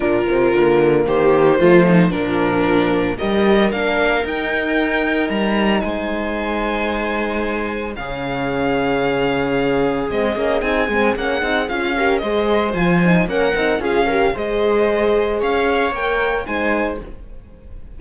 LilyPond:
<<
  \new Staff \with { instrumentName = "violin" } { \time 4/4 \tempo 4 = 113 ais'2 c''2 | ais'2 dis''4 f''4 | g''2 ais''4 gis''4~ | gis''2. f''4~ |
f''2. dis''4 | gis''4 fis''4 f''4 dis''4 | gis''4 fis''4 f''4 dis''4~ | dis''4 f''4 g''4 gis''4 | }
  \new Staff \with { instrumentName = "viola" } { \time 4/4 f'2 g'4 f'8 dis'8 | d'2 ais'2~ | ais'2. c''4~ | c''2. gis'4~ |
gis'1~ | gis'2~ gis'8 ais'8 c''4~ | c''4 ais'4 gis'8 ais'8 c''4~ | c''4 cis''2 c''4 | }
  \new Staff \with { instrumentName = "horn" } { \time 4/4 d'8 c'8 ais2 a4 | f2 g'4 d'4 | dis'1~ | dis'2. cis'4~ |
cis'2. c'8 cis'8 | dis'8 c'8 cis'8 dis'8 f'8 g'8 gis'4 | f'8 dis'8 cis'8 dis'8 f'8 g'8 gis'4~ | gis'2 ais'4 dis'4 | }
  \new Staff \with { instrumentName = "cello" } { \time 4/4 ais,8 c8 d4 dis4 f4 | ais,2 g4 ais4 | dis'2 g4 gis4~ | gis2. cis4~ |
cis2. gis8 ais8 | c'8 gis8 ais8 c'8 cis'4 gis4 | f4 ais8 c'8 cis'4 gis4~ | gis4 cis'4 ais4 gis4 | }
>>